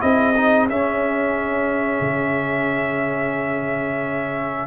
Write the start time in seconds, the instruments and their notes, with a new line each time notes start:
0.00 tuba C4, trombone E4, horn G#4, trumpet D#5
0.36 trombone D#4
0.69 tuba C#4, trombone C#4, trumpet E5
2.00 tuba C#3